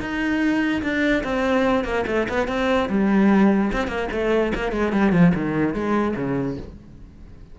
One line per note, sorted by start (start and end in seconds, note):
0.00 0.82 D#4
0.82 1.23 D4
1.23 1.84 C4
1.84 2.05 A#3
2.07 2.28 A3
2.29 2.48 B3
2.48 2.89 C4
2.89 3.72 G3
3.73 3.88 C4
3.88 4.08 A#3
4.12 4.53 A3
4.55 4.72 A#3
4.72 4.93 G#3
4.93 5.12 G3
5.12 5.33 F3
5.35 5.74 D#3
5.74 6.15 G#3
6.16 6.57 C#3